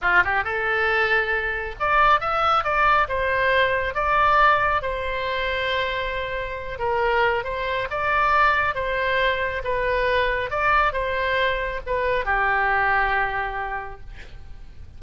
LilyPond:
\new Staff \with { instrumentName = "oboe" } { \time 4/4 \tempo 4 = 137 f'8 g'8 a'2. | d''4 e''4 d''4 c''4~ | c''4 d''2 c''4~ | c''2.~ c''8 ais'8~ |
ais'4 c''4 d''2 | c''2 b'2 | d''4 c''2 b'4 | g'1 | }